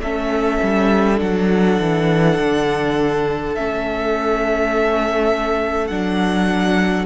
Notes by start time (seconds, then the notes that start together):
0.00 A3 C#4 A4 E5
0.63 G3
1.16 F#3 D4 F#5
1.80 E3
2.39 D3
3.55 A3 C#4 E5
5.87 F#3 D4 F#5